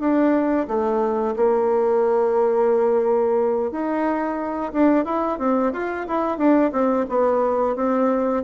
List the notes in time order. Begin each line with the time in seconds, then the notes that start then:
0.00 D4
0.68 A3
1.36 A#3
3.71 D#4
4.73 D4
5.05 E4
5.39 C4
5.73 F4
6.07 E4
6.38 D4
6.72 C4
7.09 B3
7.76 C4